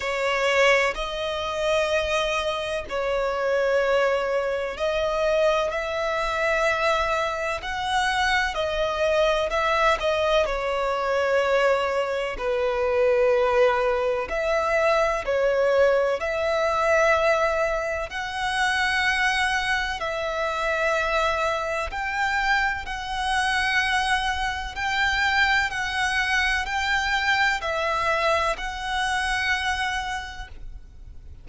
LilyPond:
\new Staff \with { instrumentName = "violin" } { \time 4/4 \tempo 4 = 63 cis''4 dis''2 cis''4~ | cis''4 dis''4 e''2 | fis''4 dis''4 e''8 dis''8 cis''4~ | cis''4 b'2 e''4 |
cis''4 e''2 fis''4~ | fis''4 e''2 g''4 | fis''2 g''4 fis''4 | g''4 e''4 fis''2 | }